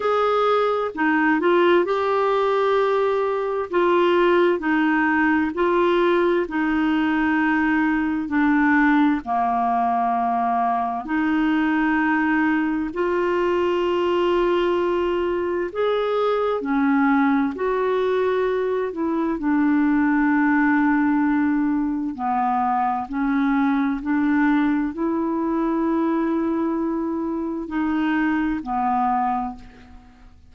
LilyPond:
\new Staff \with { instrumentName = "clarinet" } { \time 4/4 \tempo 4 = 65 gis'4 dis'8 f'8 g'2 | f'4 dis'4 f'4 dis'4~ | dis'4 d'4 ais2 | dis'2 f'2~ |
f'4 gis'4 cis'4 fis'4~ | fis'8 e'8 d'2. | b4 cis'4 d'4 e'4~ | e'2 dis'4 b4 | }